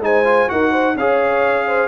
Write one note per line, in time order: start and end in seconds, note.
0.00 0.47 G#3
0.00 0.24 D#4
0.00 0.52 C5
0.00 0.50 G#5
0.24 0.48 F4
0.48 0.96 D#4
0.48 0.95 F#4
0.48 0.72 A#4
0.48 0.97 F#5
0.72 0.96 C5
0.96 1.88 C#4
0.96 1.88 G#4
0.96 1.67 C#5
0.96 1.88 F5
1.67 1.88 C5